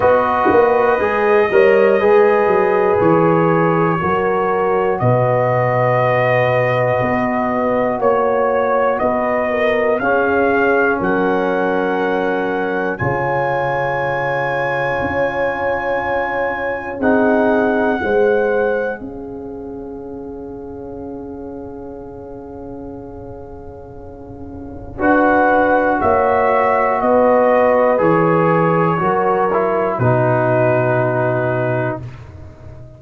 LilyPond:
<<
  \new Staff \with { instrumentName = "trumpet" } { \time 4/4 \tempo 4 = 60 dis''2. cis''4~ | cis''4 dis''2. | cis''4 dis''4 f''4 fis''4~ | fis''4 gis''2.~ |
gis''4 fis''2 f''4~ | f''1~ | f''4 fis''4 e''4 dis''4 | cis''2 b'2 | }
  \new Staff \with { instrumentName = "horn" } { \time 4/4 b'4. cis''8 b'2 | ais'4 b'2. | cis''4 b'8 ais'8 gis'4 ais'4~ | ais'4 cis''2.~ |
cis''4 gis'4 c''4 cis''4~ | cis''1~ | cis''4 b'4 cis''4 b'4~ | b'4 ais'4 fis'2 | }
  \new Staff \with { instrumentName = "trombone" } { \time 4/4 fis'4 gis'8 ais'8 gis'2 | fis'1~ | fis'2 cis'2~ | cis'4 f'2.~ |
f'4 dis'4 gis'2~ | gis'1~ | gis'4 fis'2. | gis'4 fis'8 e'8 dis'2 | }
  \new Staff \with { instrumentName = "tuba" } { \time 4/4 b8 ais8 gis8 g8 gis8 fis8 e4 | fis4 b,2 b4 | ais4 b4 cis'4 fis4~ | fis4 cis2 cis'4~ |
cis'4 c'4 gis4 cis'4~ | cis'1~ | cis'4 d'4 ais4 b4 | e4 fis4 b,2 | }
>>